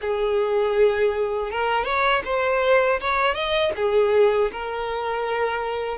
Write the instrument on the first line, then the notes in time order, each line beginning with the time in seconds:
violin
0.01 G#4
1.51 A#4
1.84 C#5
2.25 C5
3.00 C#5
3.34 D#5
3.76 G#4
4.51 A#4